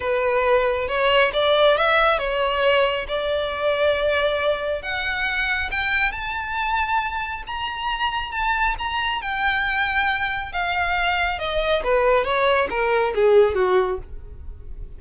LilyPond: \new Staff \with { instrumentName = "violin" } { \time 4/4 \tempo 4 = 137 b'2 cis''4 d''4 | e''4 cis''2 d''4~ | d''2. fis''4~ | fis''4 g''4 a''2~ |
a''4 ais''2 a''4 | ais''4 g''2. | f''2 dis''4 b'4 | cis''4 ais'4 gis'4 fis'4 | }